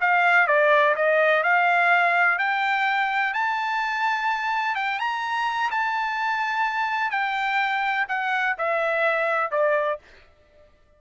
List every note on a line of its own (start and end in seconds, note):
0.00 0.47 F5
0.47 0.94 D5
0.95 1.43 D#5
1.43 2.38 F5
2.38 3.33 G5
3.33 4.75 A5
4.75 4.98 G5
4.99 5.70 A#5
5.71 7.10 A5
7.10 8.06 G5
8.08 8.56 F#5
8.57 9.51 E5
9.51 9.98 D5